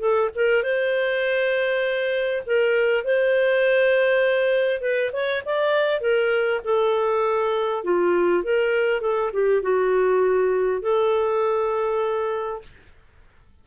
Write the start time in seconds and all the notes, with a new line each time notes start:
0.00 A4
0.35 A#4
0.64 C5
2.47 A#4
3.05 C5
4.81 B4
5.13 C#5
5.46 D5
6.01 A#4
6.64 A4
7.84 F4
8.44 A#4
9.01 A4
9.34 G4
9.62 F#4
10.82 A4